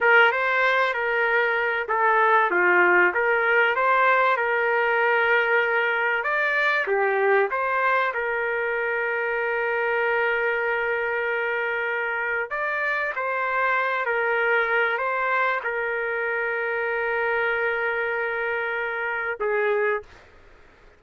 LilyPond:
\new Staff \with { instrumentName = "trumpet" } { \time 4/4 \tempo 4 = 96 ais'8 c''4 ais'4. a'4 | f'4 ais'4 c''4 ais'4~ | ais'2 d''4 g'4 | c''4 ais'2.~ |
ais'1 | d''4 c''4. ais'4. | c''4 ais'2.~ | ais'2. gis'4 | }